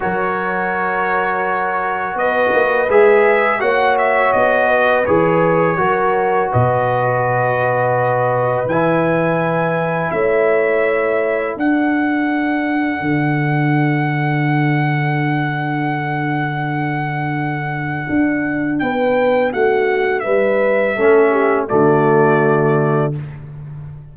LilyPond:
<<
  \new Staff \with { instrumentName = "trumpet" } { \time 4/4 \tempo 4 = 83 cis''2. dis''4 | e''4 fis''8 e''8 dis''4 cis''4~ | cis''4 dis''2. | gis''2 e''2 |
fis''1~ | fis''1~ | fis''2 g''4 fis''4 | e''2 d''2 | }
  \new Staff \with { instrumentName = "horn" } { \time 4/4 ais'2. b'4~ | b'4 cis''4. b'4. | ais'4 b'2.~ | b'2 cis''2 |
a'1~ | a'1~ | a'2 b'4 fis'4 | b'4 a'8 g'8 fis'2 | }
  \new Staff \with { instrumentName = "trombone" } { \time 4/4 fis'1 | gis'4 fis'2 gis'4 | fis'1 | e'1 |
d'1~ | d'1~ | d'1~ | d'4 cis'4 a2 | }
  \new Staff \with { instrumentName = "tuba" } { \time 4/4 fis2. b8 ais8 | gis4 ais4 b4 e4 | fis4 b,2. | e2 a2 |
d'2 d2~ | d1~ | d4 d'4 b4 a4 | g4 a4 d2 | }
>>